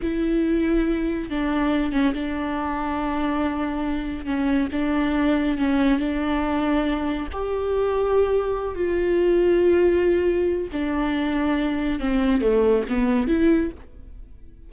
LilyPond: \new Staff \with { instrumentName = "viola" } { \time 4/4 \tempo 4 = 140 e'2. d'4~ | d'8 cis'8 d'2.~ | d'2 cis'4 d'4~ | d'4 cis'4 d'2~ |
d'4 g'2.~ | g'8 f'2.~ f'8~ | f'4 d'2. | c'4 a4 b4 e'4 | }